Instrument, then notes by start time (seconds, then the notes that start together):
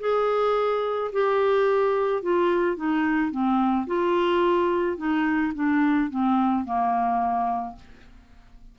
clarinet
0.00 G#4
1.12 G4
2.22 F4
2.76 D#4
3.31 C4
3.87 F4
4.97 D#4
5.55 D4
6.10 C4
6.65 A#3